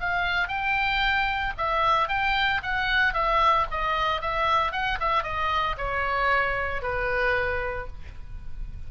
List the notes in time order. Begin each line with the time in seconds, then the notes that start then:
0.00 F5
0.48 G5
1.58 E5
2.09 G5
2.63 F#5
3.14 E5
3.71 D#5
4.21 E5
4.72 F#5
5.00 E5
5.23 D#5
5.78 C#5
6.82 B4